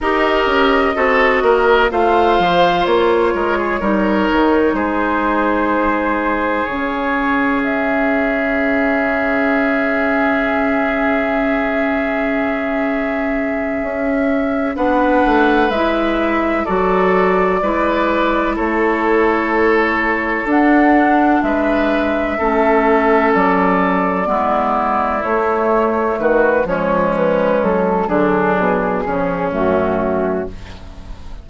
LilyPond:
<<
  \new Staff \with { instrumentName = "flute" } { \time 4/4 \tempo 4 = 63 dis''2 f''4 cis''4~ | cis''4 c''2 cis''4 | e''1~ | e''2.~ e''8 fis''8~ |
fis''8 e''4 d''2 cis''8~ | cis''4. fis''4 e''4.~ | e''8 d''2 cis''4 b'8 | cis''8 b'8 a'8 gis'4. fis'4 | }
  \new Staff \with { instrumentName = "oboe" } { \time 4/4 ais'4 a'8 ais'8 c''4. ais'16 gis'16 | ais'4 gis'2.~ | gis'1~ | gis'2.~ gis'8 b'8~ |
b'4. a'4 b'4 a'8~ | a'2~ a'8 b'4 a'8~ | a'4. e'2 fis'8 | cis'4. d'4 cis'4. | }
  \new Staff \with { instrumentName = "clarinet" } { \time 4/4 g'4 fis'4 f'2 | dis'2. cis'4~ | cis'1~ | cis'2.~ cis'8 d'8~ |
d'8 e'4 fis'4 e'4.~ | e'4. d'2 cis'8~ | cis'4. b4 a4. | gis4. fis4 f8 a4 | }
  \new Staff \with { instrumentName = "bassoon" } { \time 4/4 dis'8 cis'8 c'8 ais8 a8 f8 ais8 gis8 | g8 dis8 gis2 cis4~ | cis1~ | cis2~ cis8 cis'4 b8 |
a8 gis4 fis4 gis4 a8~ | a4. d'4 gis4 a8~ | a8 fis4 gis4 a4 dis8 | f4 fis8 d8 b,8 cis8 fis,4 | }
>>